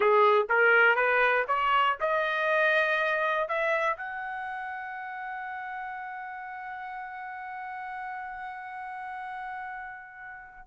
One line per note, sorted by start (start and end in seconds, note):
0.00 0.47 G#4
0.49 0.95 A#4
0.95 1.45 B4
1.47 1.97 C#5
2.00 3.48 D#5
3.48 3.97 E5
3.97 10.66 F#5